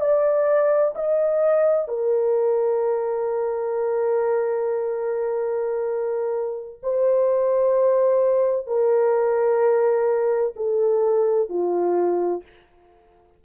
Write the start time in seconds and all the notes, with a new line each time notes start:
0.00 D5
0.95 D#5
1.87 A#4
6.83 C5
8.66 A#4
10.56 A4
11.49 F4